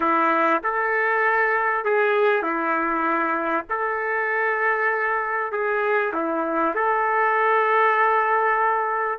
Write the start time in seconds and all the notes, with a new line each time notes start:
0.00 E4
0.63 A4
1.85 G#4
2.42 E4
3.69 A4
5.52 G#4
6.13 E4
6.74 A4